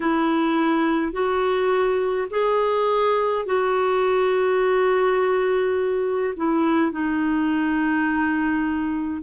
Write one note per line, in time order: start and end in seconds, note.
0.00 1.12 E4
1.12 2.28 F#4
2.30 3.45 G#4
3.45 6.34 F#4
6.36 6.91 E4
6.91 9.22 D#4